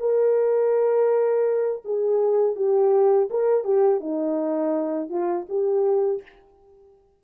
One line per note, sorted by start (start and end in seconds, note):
0.00 1.83 A#4
1.85 2.56 G#4
2.56 3.29 G4
3.31 3.65 A#4
3.65 4.00 G4
4.00 5.10 D#4
5.10 5.46 F4
5.49 6.23 G4